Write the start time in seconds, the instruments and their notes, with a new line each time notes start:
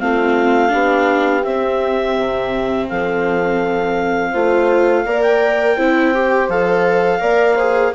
0.00 bassoon A3, viola C4, horn F4, clarinet F5
0.69 bassoon B3, viola D4, horn G4
1.44 viola C4, bassoon C4, clarinet E5
2.18 bassoon C3
2.89 bassoon F3, horn A4, clarinet F5
4.31 bassoon A3, viola F4, horn C5
5.06 bassoon A#3, viola A#4, horn D5
5.22 clarinet G5
5.77 bassoon C4, viola E4, horn C5
6.14 viola G4
6.49 bassoon F3, viola A4, clarinet F5
7.20 bassoon A#3, viola A#4, horn D5
7.56 viola G#4, horn C5